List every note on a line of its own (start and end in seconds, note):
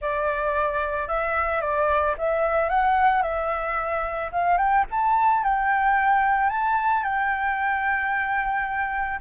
0.01 1.08 D5
1.08 1.61 E5
1.61 2.15 D5
2.18 2.69 E5
2.69 3.22 F#5
3.22 4.30 E5
4.32 4.57 F5
4.57 4.84 G5
4.90 5.43 A5
5.43 6.49 G5
6.49 7.03 A5
7.03 9.19 G5